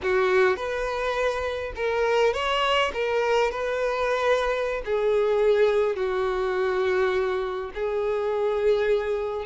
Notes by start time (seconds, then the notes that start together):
0.02 F#4
0.56 B4
1.75 A#4
2.33 C#5
2.93 A#4
3.51 B4
4.85 G#4
5.96 F#4
7.74 G#4